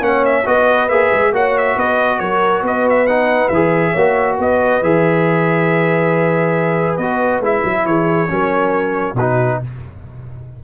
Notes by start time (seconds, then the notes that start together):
0.00 A#3 C#4 C#5 F#5
0.25 E5
0.45 B3 F#4 B4 D#5
0.89 A#3 G#4 E5
1.12 G#3
1.32 A#3 F#4 C#5 F#5
1.57 E5
1.76 B3 B4 D#5
2.19 F#3 A#4 C#5
2.62 B3 B4 D#5
2.89 E5
3.06 D#4 F#5
3.48 E3 G#4 E5
3.92 A#3 F#4 C#5
4.37 B3 B4 D#5
4.82 E3 G#4 E5
6.96 B3 F#4 D#5
7.40 G#3 E4 E5
7.64 F#3
7.86 E3 G#4 C#5
8.27 F#3 C#4 A#4
9.14 B2 D#4 F#4 B4